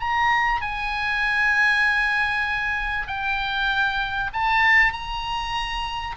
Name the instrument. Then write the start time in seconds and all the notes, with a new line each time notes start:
oboe
0.00 A#5
0.61 G#5
3.07 G5
4.33 A5
4.92 A#5